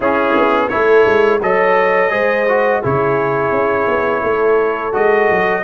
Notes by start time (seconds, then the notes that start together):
0.00 C#4 E4 G#4
0.36 B3
0.68 A3 E4 A4 C#5
1.06 G#3
1.41 F#3 A4 C#5 D#5
2.10 G#3 G#4 C5
2.48 F#4
2.81 C#3 E4 G#4 C#5
3.51 C#4
3.87 B3
4.22 A3 A4
4.92 G#3 F#4 D#5
5.31 F#3